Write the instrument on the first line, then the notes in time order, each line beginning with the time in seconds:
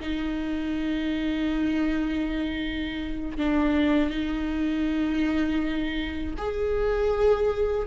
viola
0.00 D#4
3.38 D4
4.10 D#4
6.38 G#4